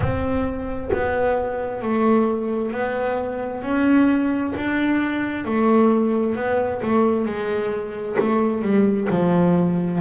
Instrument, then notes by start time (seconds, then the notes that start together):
double bass
0.00 C4
0.93 B3
1.81 A3
2.71 B3
3.62 C#4
4.55 D4
5.44 A3
6.35 B3
6.81 A3
7.25 G#3
8.19 A3
8.62 G3
9.10 F3